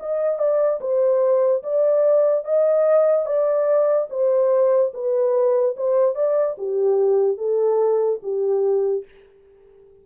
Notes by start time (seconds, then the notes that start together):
0.00 D#5
0.38 D5
0.81 C5
1.63 D5
2.45 D#5
3.26 D5
4.10 C5
4.94 B4
5.77 C5
6.15 D5
6.58 G4
7.37 A4
8.23 G4